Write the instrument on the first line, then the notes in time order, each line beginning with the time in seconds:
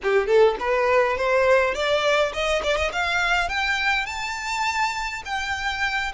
violin
0.02 G4
0.26 A4
0.59 B4
1.17 C5
1.74 D5
2.33 D#5
2.63 D5
2.76 D#5
2.92 F5
3.48 G5
4.05 A5
5.25 G5